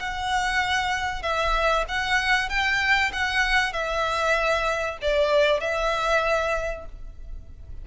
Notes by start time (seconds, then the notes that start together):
0.00 F#5
1.23 E5
1.89 F#5
2.49 G5
3.13 F#5
3.73 E5
5.02 D5
5.61 E5